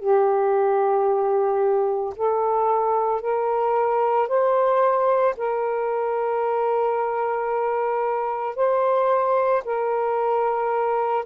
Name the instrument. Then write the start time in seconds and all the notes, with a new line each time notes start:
saxophone
0.00 G4
2.17 A4
3.21 A#4
4.29 C5
5.37 A#4
8.56 C5
9.65 A#4